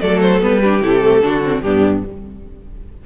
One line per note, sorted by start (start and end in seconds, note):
0.00 0.41 F#3
0.00 0.40 A3
0.00 0.62 A4
0.00 0.20 D5
0.21 0.41 C5
0.40 0.81 G3
0.40 0.60 B3
0.40 0.82 B4
0.62 0.82 D4
0.62 1.23 G4
0.81 1.21 C3
0.81 1.02 E4
0.81 1.61 A4
1.02 1.22 A3
1.21 1.62 D3
1.21 1.43 D4
1.21 1.63 F#4
1.43 1.63 C4
1.61 2.04 G2
1.61 2.06 B3
1.61 2.03 D4
1.61 2.02 G4